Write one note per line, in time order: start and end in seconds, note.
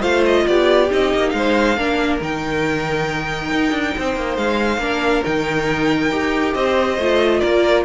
0.00 0.46 A3
0.00 0.87 F4
0.00 0.43 C5
0.00 0.24 F5
0.25 0.47 D#5
0.47 0.91 B3
0.47 1.35 G4
0.47 0.90 D5
0.90 1.14 C4
0.90 1.77 D#4
0.90 1.30 D#5
1.14 1.33 A#3
1.30 1.77 G#3
1.30 1.77 C5
1.30 2.17 F5
1.77 2.20 A#3
1.77 2.20 D4
1.77 3.95 A#4
2.21 3.51 D#3
2.21 4.80 D#4
2.21 4.37 G5
3.51 3.71 D#4
3.71 3.93 D4
3.97 4.16 C4
3.97 4.82 C5
4.16 4.37 A#3
4.37 4.77 G#3
4.37 5.24 F5
4.77 5.21 A#3
4.77 5.24 D4
4.77 6.55 A#4
5.24 6.11 D#3
5.24 6.11 D#4
5.24 6.54 G5
6.11 6.55 D#4
6.11 6.98 G4
6.54 6.98 C4
6.54 7.40 C5
6.54 7.40 D#5
6.98 7.42 A3
6.98 7.85 F4
7.40 7.85 A#3
7.40 7.84 A#4
7.40 7.83 D5